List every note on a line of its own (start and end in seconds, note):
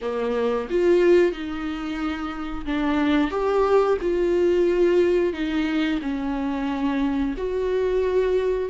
0.02 0.68 A#3
0.70 1.32 F4
1.32 2.65 D#4
2.65 3.30 D4
3.30 3.97 G4
4.01 5.33 F4
5.33 5.99 D#4
6.01 7.35 C#4
7.37 8.69 F#4